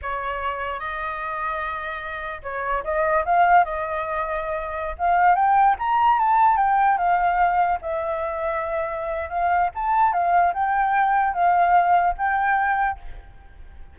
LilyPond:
\new Staff \with { instrumentName = "flute" } { \time 4/4 \tempo 4 = 148 cis''2 dis''2~ | dis''2 cis''4 dis''4 | f''4 dis''2.~ | dis''16 f''4 g''4 ais''4 a''8.~ |
a''16 g''4 f''2 e''8.~ | e''2. f''4 | a''4 f''4 g''2 | f''2 g''2 | }